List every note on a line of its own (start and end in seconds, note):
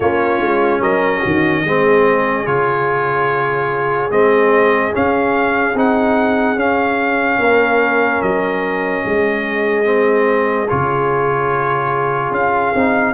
0.00 0.40 A#3
0.00 1.66 C#4
0.00 0.81 F4
0.00 0.82 C#5
0.40 0.80 G#3
0.80 1.21 F#3
0.80 1.20 A#4
0.80 2.46 D#5
1.20 1.64 D#3
1.20 1.61 F#4
1.64 2.46 G#3
1.64 2.45 C4
1.64 7.40 G#4
2.45 4.10 C#3
2.45 4.10 F4
2.45 4.10 C#5
4.10 4.93 G#3
4.10 4.92 C4
4.10 4.93 D#5
4.92 5.74 C#4
4.92 5.78 F5
5.74 6.55 C4
5.74 6.56 D#4
5.74 6.59 F#5
6.55 7.38 C#4
6.55 9.84 C#4
6.55 8.22 F5
7.39 8.21 A#3
7.39 9.04 A#4
8.22 9.04 F#3
8.22 10.68 D#5
9.04 10.69 G#3
9.04 13.14 G#4
9.84 10.67 C4
10.68 12.30 C#3
10.68 12.74 F4
10.68 12.33 C#5
12.30 12.71 C#4
12.30 13.14 F5
12.74 13.14 C4
12.74 13.14 D#4